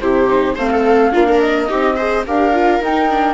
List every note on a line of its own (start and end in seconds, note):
0.00 0.57 C3
0.00 0.28 E4
0.00 0.55 G4
0.00 0.56 C5
0.28 0.56 D#4
0.55 1.13 A3
0.55 1.11 C4
0.55 0.69 C5
0.55 1.40 F5
0.71 1.12 A4
1.11 1.70 A#3
1.11 1.67 D4
1.11 1.26 F4
1.28 1.68 A#4
1.40 2.24 D#5
1.68 2.27 C4
1.68 1.96 D#4
1.68 1.96 G4
1.96 2.26 G#4
1.96 2.24 C5
2.26 2.80 D4
2.26 2.53 G4
2.26 3.34 A#4
2.26 2.83 F5
2.53 2.81 F4
2.80 3.34 D#4
2.80 3.34 G5
2.87 3.09 D#4
3.09 3.34 D4